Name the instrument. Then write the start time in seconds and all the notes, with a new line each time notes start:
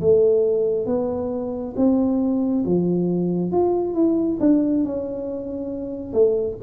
tuba
0.00 A3
0.86 B3
1.76 C4
2.65 F3
3.51 F4
3.94 E4
4.40 D4
4.84 C#4
6.13 A3